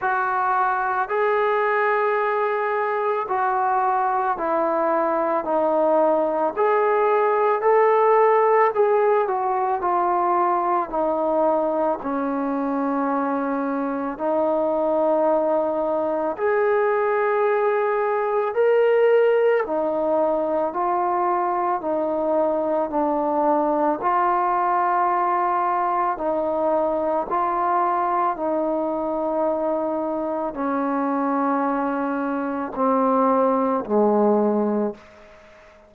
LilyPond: \new Staff \with { instrumentName = "trombone" } { \time 4/4 \tempo 4 = 55 fis'4 gis'2 fis'4 | e'4 dis'4 gis'4 a'4 | gis'8 fis'8 f'4 dis'4 cis'4~ | cis'4 dis'2 gis'4~ |
gis'4 ais'4 dis'4 f'4 | dis'4 d'4 f'2 | dis'4 f'4 dis'2 | cis'2 c'4 gis4 | }